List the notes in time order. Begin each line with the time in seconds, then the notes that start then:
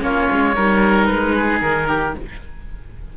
0.00 A#3 C#4 F4 C#5
0.31 G#3
0.55 G3 D#4 A#4
1.06 G#3 B4
1.36 G#4
1.61 D#3 A#4
1.88 G4